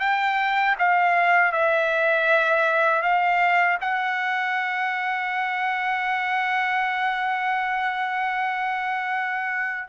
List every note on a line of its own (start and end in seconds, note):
0.00 0.76 G5
0.78 1.52 F5
1.52 3.02 E5
3.02 3.78 F5
3.81 9.88 F#5